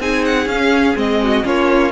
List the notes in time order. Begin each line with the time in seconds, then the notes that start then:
0.00 C4 D#4 G#4 G#5
0.25 F#5
0.46 C#4 F5
0.96 G#3 C4 D#5
1.23 F#4
1.43 A#3 C#4 F4 C#5